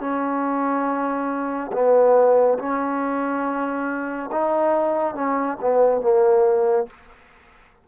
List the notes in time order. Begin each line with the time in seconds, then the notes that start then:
0.00 C#4
1.73 B3
2.59 C#4
4.32 D#4
5.15 C#4
5.61 B3
6.01 A#3